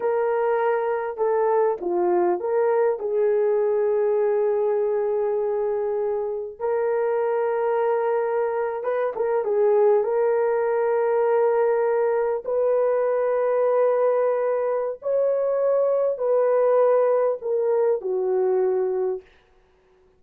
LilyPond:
\new Staff \with { instrumentName = "horn" } { \time 4/4 \tempo 4 = 100 ais'2 a'4 f'4 | ais'4 gis'2.~ | gis'2. ais'4~ | ais'2~ ais'8. b'8 ais'8 gis'16~ |
gis'8. ais'2.~ ais'16~ | ais'8. b'2.~ b'16~ | b'4 cis''2 b'4~ | b'4 ais'4 fis'2 | }